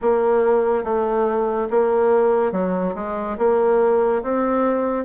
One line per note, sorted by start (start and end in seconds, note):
0.01 0.84 A#3
0.84 1.68 A3
1.70 2.52 A#3
2.52 2.94 F#3
2.95 3.37 G#3
3.38 4.22 A#3
4.23 5.05 C4